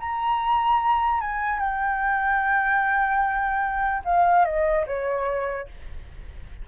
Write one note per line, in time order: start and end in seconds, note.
0.00 1.21 A#5
1.21 1.60 G#5
1.60 4.03 G5
4.05 4.46 F5
4.46 4.86 D#5
4.87 5.68 C#5